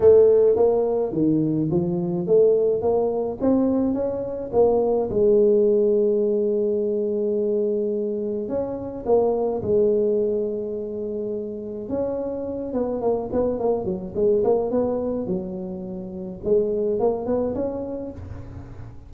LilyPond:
\new Staff \with { instrumentName = "tuba" } { \time 4/4 \tempo 4 = 106 a4 ais4 dis4 f4 | a4 ais4 c'4 cis'4 | ais4 gis2.~ | gis2. cis'4 |
ais4 gis2.~ | gis4 cis'4. b8 ais8 b8 | ais8 fis8 gis8 ais8 b4 fis4~ | fis4 gis4 ais8 b8 cis'4 | }